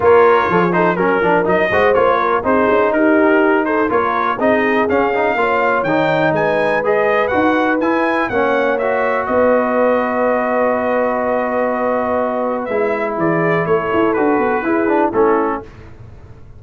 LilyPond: <<
  \new Staff \with { instrumentName = "trumpet" } { \time 4/4 \tempo 4 = 123 cis''4. c''8 ais'4 dis''4 | cis''4 c''4 ais'4. c''8 | cis''4 dis''4 f''2 | g''4 gis''4 dis''4 fis''4 |
gis''4 fis''4 e''4 dis''4~ | dis''1~ | dis''2 e''4 d''4 | cis''4 b'2 a'4 | }
  \new Staff \with { instrumentName = "horn" } { \time 4/4 ais'4 a'16 gis'16 a'8 ais'4. c''8~ | c''8 ais'8 gis'4 g'4. a'8 | ais'4 gis'2 cis''4~ | cis''4 b'2.~ |
b'4 cis''2 b'4~ | b'1~ | b'2. gis'4 | a'2 gis'4 e'4 | }
  \new Staff \with { instrumentName = "trombone" } { \time 4/4 f'4. dis'8 cis'8 d'8 dis'8 fis'8 | f'4 dis'2. | f'4 dis'4 cis'8 dis'8 f'4 | dis'2 gis'4 fis'4 |
e'4 cis'4 fis'2~ | fis'1~ | fis'2 e'2~ | e'4 fis'4 e'8 d'8 cis'4 | }
  \new Staff \with { instrumentName = "tuba" } { \time 4/4 ais4 f4 fis8 f8 fis8 gis8 | ais4 c'8 cis'8 dis'2 | ais4 c'4 cis'4 ais4 | dis4 gis2 dis'4 |
e'4 ais2 b4~ | b1~ | b2 gis4 e4 | a8 e'8 d'8 b8 e'4 a4 | }
>>